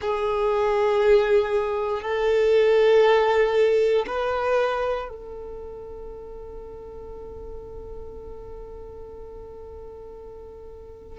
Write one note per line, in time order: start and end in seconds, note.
0.00 2.02 G#4
2.02 4.05 A4
4.07 5.08 B4
5.08 11.19 A4